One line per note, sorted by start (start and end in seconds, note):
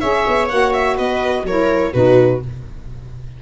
0.00 0.26 C#4
0.00 0.49 G#4
0.00 0.95 C#5
0.00 0.48 E5
0.27 0.51 B3
0.48 0.98 A#3
0.48 1.45 F#4
0.48 0.72 F#5
0.73 0.97 E5
0.95 1.43 B3
0.95 1.43 B4
0.95 1.45 D#5
1.43 1.91 F#3
1.43 1.93 E4
1.43 1.93 A#4
1.43 1.93 C#5
1.93 2.42 B2
1.93 2.41 D#4
1.93 2.41 F#4
1.93 2.41 B4